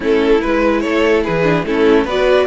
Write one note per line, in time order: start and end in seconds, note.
0.00 0.40 A3
0.00 0.39 C#4
0.00 0.81 E4
0.00 0.41 A4
0.41 0.85 G#3
0.41 1.43 E4
0.41 0.80 B4
0.80 1.26 A3
0.80 1.23 A4
0.80 1.21 C#5
1.23 1.64 E3
1.23 1.65 G#4
1.23 1.65 B4
1.43 1.64 D4
1.64 2.04 A3
1.64 2.07 C#4
1.64 2.04 E4
1.64 2.07 A4
2.04 2.46 B3
2.04 2.47 F#4
2.04 2.46 B4
2.04 2.47 D5